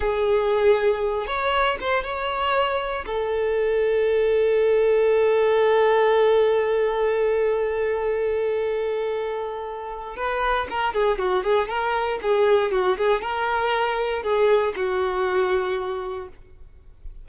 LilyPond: \new Staff \with { instrumentName = "violin" } { \time 4/4 \tempo 4 = 118 gis'2~ gis'8 cis''4 c''8 | cis''2 a'2~ | a'1~ | a'1~ |
a'1 | b'4 ais'8 gis'8 fis'8 gis'8 ais'4 | gis'4 fis'8 gis'8 ais'2 | gis'4 fis'2. | }